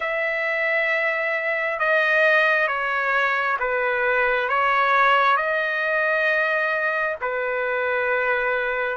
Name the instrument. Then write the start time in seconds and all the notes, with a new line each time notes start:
trumpet
0.00 E5
1.79 D#5
2.67 C#5
3.59 B4
4.49 C#5
5.36 D#5
7.21 B4